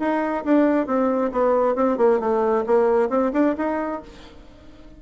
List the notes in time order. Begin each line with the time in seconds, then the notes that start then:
0.00 D#4
0.45 D4
0.87 C4
1.32 B3
1.76 C4
1.98 A#3
2.20 A3
2.67 A#3
3.10 C4
3.34 D4
3.58 D#4